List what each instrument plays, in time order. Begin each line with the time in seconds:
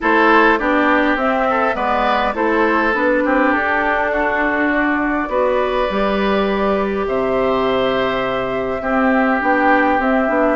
0.00 bassoon A3, clarinet E4, oboe A4, flute C5
0.58 bassoon B3, clarinet D4, oboe G4, flute D5
1.16 bassoon C4, clarinet C4, flute E5
1.50 oboe A4
1.74 bassoon G#3, clarinet B3, oboe B4, flute D5
2.34 bassoon A3, clarinet E4, oboe A4, flute C5
2.93 bassoon B3, clarinet D4, flute B4
3.24 bassoon C4, oboe G4
3.52 bassoon D4, flute A4
4.11 oboe F#4
4.71 flute D5
5.28 bassoon B3, clarinet F#4, oboe B4
5.90 bassoon G3, clarinet G4
7.07 bassoon C3, oboe C5, flute E5
8.81 bassoon C4, clarinet C4, oboe G4
9.40 bassoon B3, clarinet D4, flute G5
9.99 clarinet C4, bassoon C4, flute E5
10.28 bassoon B3, clarinet D4